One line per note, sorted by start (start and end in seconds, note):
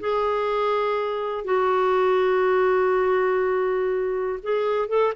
0.00 1.45 G#4
1.45 4.40 F#4
4.43 4.89 G#4
4.89 5.13 A4